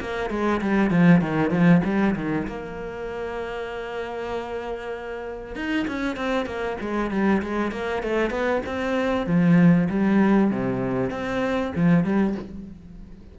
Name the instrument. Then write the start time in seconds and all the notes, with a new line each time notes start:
cello
0.00 A#3
0.30 G#3
0.61 G3
0.90 F3
1.21 D#3
1.50 F3
1.84 G3
2.15 D#3
2.47 A#3
5.55 D#4
5.87 C#4
6.16 C4
6.46 A#3
6.80 G#3
7.10 G3
7.42 G#3
7.72 A#3
8.02 A3
8.30 B3
8.66 C4
9.26 F3
9.89 G3
10.50 C3
11.10 C4
11.75 F3
12.04 G3